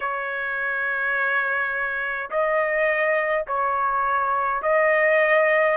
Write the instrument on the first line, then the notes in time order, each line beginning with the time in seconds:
trumpet
0.00 C#5
2.30 D#5
3.47 C#5
4.62 D#5